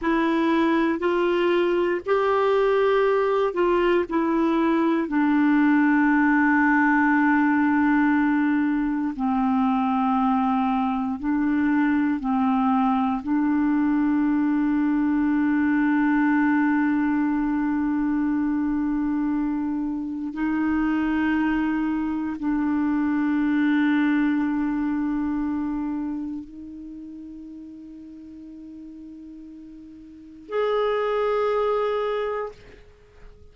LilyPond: \new Staff \with { instrumentName = "clarinet" } { \time 4/4 \tempo 4 = 59 e'4 f'4 g'4. f'8 | e'4 d'2.~ | d'4 c'2 d'4 | c'4 d'2.~ |
d'1 | dis'2 d'2~ | d'2 dis'2~ | dis'2 gis'2 | }